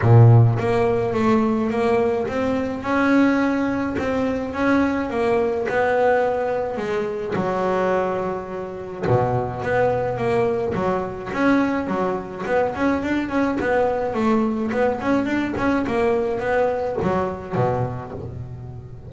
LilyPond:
\new Staff \with { instrumentName = "double bass" } { \time 4/4 \tempo 4 = 106 ais,4 ais4 a4 ais4 | c'4 cis'2 c'4 | cis'4 ais4 b2 | gis4 fis2. |
b,4 b4 ais4 fis4 | cis'4 fis4 b8 cis'8 d'8 cis'8 | b4 a4 b8 cis'8 d'8 cis'8 | ais4 b4 fis4 b,4 | }